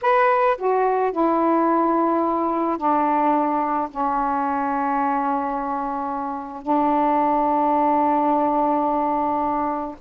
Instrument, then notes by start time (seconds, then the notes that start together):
saxophone
0.01 B4
0.57 F#4
1.11 E4
2.77 D4
3.90 C#4
6.62 D4